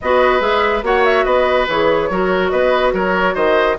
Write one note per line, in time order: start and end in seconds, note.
0.01 0.40 B3
0.01 0.40 F#4
0.01 0.85 B4
0.01 0.41 D#5
0.40 0.82 G#3
0.40 0.82 G#4
0.40 0.83 E5
0.82 1.24 A#3
0.82 1.67 F#4
0.82 1.25 C#5
0.82 1.05 F#5
1.05 1.24 E5
1.24 1.67 B3
1.24 2.09 B4
1.24 1.66 D#5
1.68 2.10 E3
1.68 2.11 G#4
1.68 2.49 C#5
2.10 2.52 F#3
2.10 3.78 F#4
2.10 2.51 A#4
2.49 2.93 B3
2.49 2.93 B4
2.49 2.91 D#5
2.93 3.35 F#3
2.93 3.34 A#4
2.93 3.35 C#5
3.34 3.77 D#3
3.34 3.76 C5
3.34 3.77 D#5